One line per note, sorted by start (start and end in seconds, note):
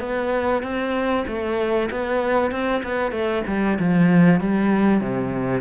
0.00 0.62 B3
0.62 1.25 C4
1.27 1.89 A3
1.91 2.51 B3
2.51 2.82 C4
2.83 3.12 B3
3.12 3.43 A3
3.47 3.78 G3
3.79 4.40 F3
4.40 5.01 G3
5.01 5.61 C3